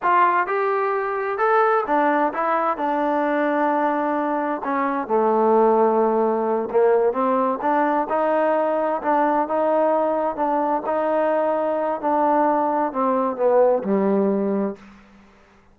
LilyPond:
\new Staff \with { instrumentName = "trombone" } { \time 4/4 \tempo 4 = 130 f'4 g'2 a'4 | d'4 e'4 d'2~ | d'2 cis'4 a4~ | a2~ a8 ais4 c'8~ |
c'8 d'4 dis'2 d'8~ | d'8 dis'2 d'4 dis'8~ | dis'2 d'2 | c'4 b4 g2 | }